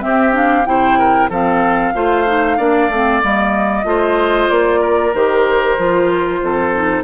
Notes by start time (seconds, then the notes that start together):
0.00 C4 G4 E5
0.32 D4 F5
0.66 C3 E4 C5 G5
0.99 A#4
1.30 F3 C4 A4 F5
1.95 A3 F4 C5
2.27 D#4
2.58 A#3 D4 D5
2.89 A3 C4
3.22 G3 A#3 D#5
3.85 A3 F4 C5
4.50 A#3 D5
4.81 A#4
5.14 D#3 G4 C5
5.78 F3 F4
6.43 F2 A4
6.74 D#4